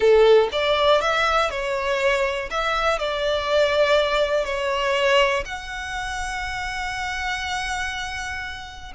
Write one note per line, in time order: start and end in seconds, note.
0.00 0.48 A4
0.51 1.01 D5
1.01 1.50 E5
1.50 2.49 C#5
2.50 2.98 E5
2.98 4.44 D5
4.44 5.44 C#5
5.45 8.92 F#5